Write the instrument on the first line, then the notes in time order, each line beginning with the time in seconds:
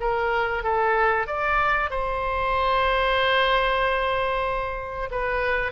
oboe
0.00 A#4
0.63 A4
1.27 D5
1.90 C5
5.11 B4